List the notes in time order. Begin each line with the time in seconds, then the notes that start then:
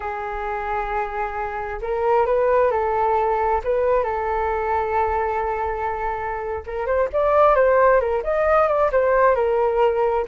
0.00 G#4
1.81 A#4
2.26 B4
2.71 A4
3.64 B4
4.03 A4
6.66 A#4
6.86 C5
7.13 D5
7.55 C5
8.00 A#4
8.23 D#5
8.68 D5
8.92 C5
9.35 A#4